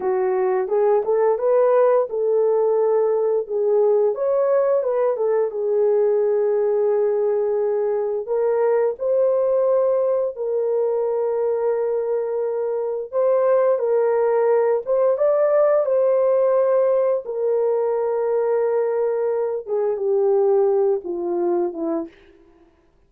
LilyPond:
\new Staff \with { instrumentName = "horn" } { \time 4/4 \tempo 4 = 87 fis'4 gis'8 a'8 b'4 a'4~ | a'4 gis'4 cis''4 b'8 a'8 | gis'1 | ais'4 c''2 ais'4~ |
ais'2. c''4 | ais'4. c''8 d''4 c''4~ | c''4 ais'2.~ | ais'8 gis'8 g'4. f'4 e'8 | }